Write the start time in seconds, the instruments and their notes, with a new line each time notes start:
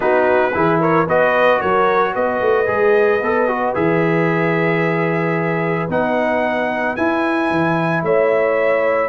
0.00 tuba B3, trombone D#4, horn F#4, trumpet B4
0.54 tuba E3, trombone E4, horn G#4
0.80 horn A#4, trumpet C#5
1.07 tuba B3, trombone F#4, horn B4, trumpet D#5
1.60 tuba F#3, horn A#4, trumpet C#5
2.13 tuba B3, horn B4, trumpet D#5
2.41 tuba A3
2.66 tuba G#3, trombone G#4
3.21 tuba B3, trombone A4
3.47 trombone F#4
3.74 tuba E3, trombone G#4, trumpet E5
5.89 tuba B3, trombone D#4, trumpet F#5
6.96 trombone E4, tuba E4, trumpet G#5
7.50 tuba E3
8.02 tuba A3, horn C#5, trumpet E5